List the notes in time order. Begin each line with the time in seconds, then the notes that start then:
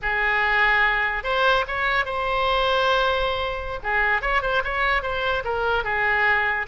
0.01 G#4
1.23 C5
1.67 C#5
2.05 C5
3.83 G#4
4.21 C#5
4.42 C5
4.64 C#5
5.02 C5
5.44 A#4
5.84 G#4